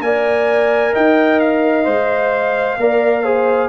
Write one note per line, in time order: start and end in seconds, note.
0.00 0.92 A#3
0.00 1.84 A#4
0.00 0.93 D5
0.00 0.94 G#5
0.93 1.86 D#4
0.93 2.78 D#5
0.93 1.40 G5
1.40 3.69 F5
1.84 2.77 G#3
1.84 2.76 C5
2.77 3.69 A#3
2.77 3.24 A#4
2.77 3.23 D5
3.23 3.69 G#4
3.23 3.69 C5